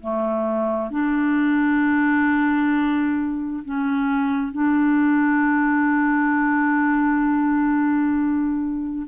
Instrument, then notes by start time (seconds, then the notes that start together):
clarinet
0.00 A3
0.90 D4
3.64 C#4
4.52 D4